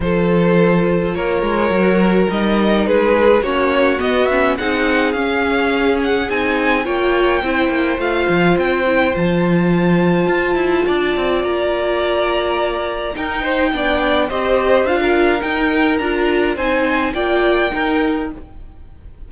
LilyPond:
<<
  \new Staff \with { instrumentName = "violin" } { \time 4/4 \tempo 4 = 105 c''2 cis''2 | dis''4 b'4 cis''4 dis''8 e''8 | fis''4 f''4. fis''8 gis''4 | g''2 f''4 g''4 |
a''1 | ais''2. g''4~ | g''4 dis''4 f''4 g''4 | ais''4 gis''4 g''2 | }
  \new Staff \with { instrumentName = "violin" } { \time 4/4 a'2 ais'2~ | ais'4 gis'4 fis'2 | gis'1 | cis''4 c''2.~ |
c''2. d''4~ | d''2. ais'8 c''8 | d''4 c''4~ c''16 ais'4.~ ais'16~ | ais'4 c''4 d''4 ais'4 | }
  \new Staff \with { instrumentName = "viola" } { \time 4/4 f'2. fis'4 | dis'2 cis'4 b8 cis'8 | dis'4 cis'2 dis'4 | f'4 e'4 f'4. e'8 |
f'1~ | f'2. dis'4 | d'4 g'4 f'4 dis'4 | f'4 dis'4 f'4 dis'4 | }
  \new Staff \with { instrumentName = "cello" } { \time 4/4 f2 ais8 gis8 fis4 | g4 gis4 ais4 b4 | c'4 cis'2 c'4 | ais4 c'8 ais8 a8 f8 c'4 |
f2 f'8 e'8 d'8 c'8 | ais2. dis'4 | b4 c'4 d'4 dis'4 | d'4 c'4 ais4 dis'4 | }
>>